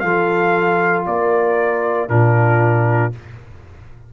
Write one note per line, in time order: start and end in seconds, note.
0.00 1.06 F3
0.00 2.09 F4
0.00 1.07 A4
0.00 1.03 F5
1.06 2.09 A#3
1.06 2.10 A#4
1.06 2.09 D5
2.09 3.13 A#2
2.09 3.12 D4
2.09 3.13 F4
2.09 3.13 A#4